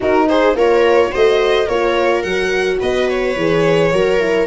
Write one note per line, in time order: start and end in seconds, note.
0.00 0.55 D#4
0.00 0.54 D#4
0.00 0.27 F#4
0.00 0.28 A#4
0.28 0.56 G#4
0.28 0.56 C5
0.54 1.10 A#3
0.54 1.11 F4
0.54 1.11 A#4
0.54 1.14 C#5
1.11 1.68 A3
1.11 1.67 F#4
1.11 1.65 C5
1.11 1.68 D#5
1.65 2.24 A#3
1.65 2.26 F4
1.65 2.78 A#4
1.65 2.22 C#5
2.22 2.80 F#3
2.22 3.37 F#4
2.22 2.78 F#5
2.79 3.36 B3
2.79 3.92 B4
2.79 3.09 D#5
3.09 4.46 C#5
3.36 3.92 E3
3.36 3.92 G#4
3.92 4.46 F#3
3.92 4.19 F#4
3.92 4.46 A#4
4.19 4.46 E4